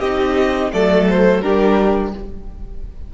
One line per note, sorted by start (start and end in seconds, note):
0.00 0.72 C4
0.00 0.72 D#4
0.00 0.71 G4
0.00 0.71 D#5
0.72 1.43 F#3
0.72 1.43 A3
0.72 1.44 A4
0.72 1.08 D5
1.09 1.41 C5
1.41 2.14 G3
1.41 2.13 D4
1.41 2.14 G4
1.41 2.12 A#4